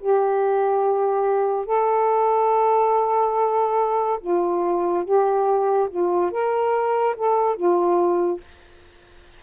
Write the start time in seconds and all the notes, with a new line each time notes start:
0.00 G4
1.66 A4
4.21 F4
5.04 G4
5.90 F4
6.31 A#4
7.17 A4
7.56 F4